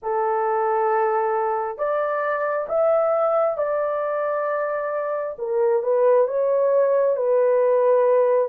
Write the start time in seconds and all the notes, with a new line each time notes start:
0.02 A4
1.77 D5
2.68 E5
3.57 D5
5.38 A#4
5.82 B4
6.27 C#5
7.16 B4